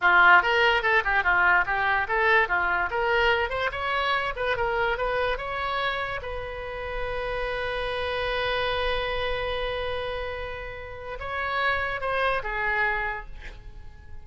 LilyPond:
\new Staff \with { instrumentName = "oboe" } { \time 4/4 \tempo 4 = 145 f'4 ais'4 a'8 g'8 f'4 | g'4 a'4 f'4 ais'4~ | ais'8 c''8 cis''4. b'8 ais'4 | b'4 cis''2 b'4~ |
b'1~ | b'1~ | b'2. cis''4~ | cis''4 c''4 gis'2 | }